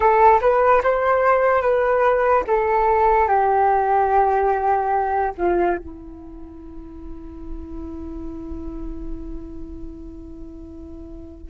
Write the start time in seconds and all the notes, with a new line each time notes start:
0.00 A4
0.40 B4
0.83 C5
1.61 B4
2.47 A4
3.28 G4
5.37 F4
5.77 E4